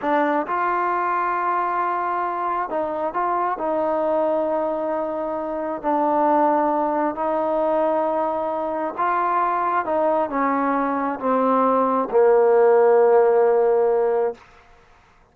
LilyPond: \new Staff \with { instrumentName = "trombone" } { \time 4/4 \tempo 4 = 134 d'4 f'2.~ | f'2 dis'4 f'4 | dis'1~ | dis'4 d'2. |
dis'1 | f'2 dis'4 cis'4~ | cis'4 c'2 ais4~ | ais1 | }